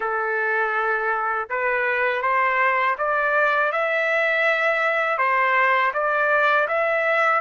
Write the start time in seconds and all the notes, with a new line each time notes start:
0.00 A4
1.49 B4
2.22 C5
2.98 D5
3.71 E5
5.18 C5
5.93 D5
6.68 E5